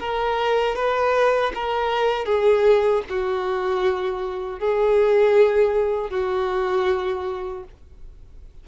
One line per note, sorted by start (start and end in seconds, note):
0.00 0.76 A#4
0.76 1.52 B4
1.55 2.26 A#4
2.26 3.03 G#4
3.09 4.59 F#4
4.59 6.10 G#4
6.10 7.64 F#4